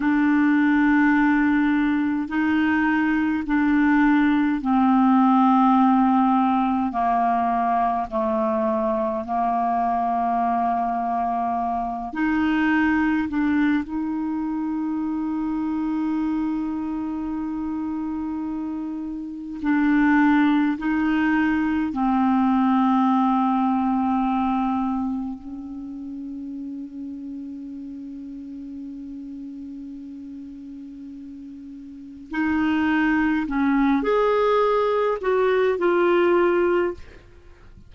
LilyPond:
\new Staff \with { instrumentName = "clarinet" } { \time 4/4 \tempo 4 = 52 d'2 dis'4 d'4 | c'2 ais4 a4 | ais2~ ais8 dis'4 d'8 | dis'1~ |
dis'4 d'4 dis'4 c'4~ | c'2 cis'2~ | cis'1 | dis'4 cis'8 gis'4 fis'8 f'4 | }